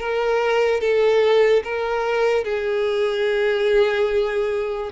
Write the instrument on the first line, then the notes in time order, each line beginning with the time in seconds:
violin
0.00 A#4
0.81 A4
1.64 A#4
2.44 G#4